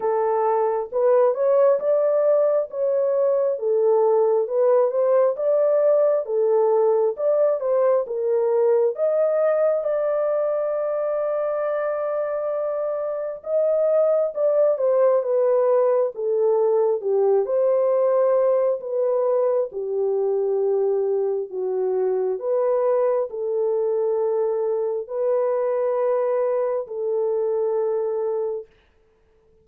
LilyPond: \new Staff \with { instrumentName = "horn" } { \time 4/4 \tempo 4 = 67 a'4 b'8 cis''8 d''4 cis''4 | a'4 b'8 c''8 d''4 a'4 | d''8 c''8 ais'4 dis''4 d''4~ | d''2. dis''4 |
d''8 c''8 b'4 a'4 g'8 c''8~ | c''4 b'4 g'2 | fis'4 b'4 a'2 | b'2 a'2 | }